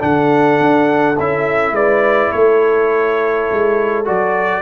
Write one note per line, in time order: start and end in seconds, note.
0.00 0.61 D3
0.00 1.15 D4
0.00 1.75 A4
0.00 1.18 F#5
0.61 1.19 D4
1.20 1.72 C#4
1.20 4.06 E4
1.20 1.75 E5
1.72 2.29 G#3
1.72 2.33 B4
1.72 2.32 D5
2.32 3.49 A3
2.32 4.63 A4
2.32 4.05 C#5
3.51 4.08 G#3
4.06 4.63 F#3
4.06 4.63 F#4
4.06 4.63 D5